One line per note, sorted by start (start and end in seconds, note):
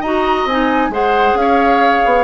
0.00 0.45 D#4
0.00 0.48 F#4
0.00 0.89 D#5
0.00 0.47 A#5
0.45 0.89 C4
0.45 0.92 D#4
0.45 0.93 G#5
0.89 1.33 G#3
0.89 2.23 G#4
0.89 1.37 C5
0.89 1.37 F#5
1.33 2.00 C#4
1.33 2.23 F5
1.41 2.23 C#5
2.05 2.23 B3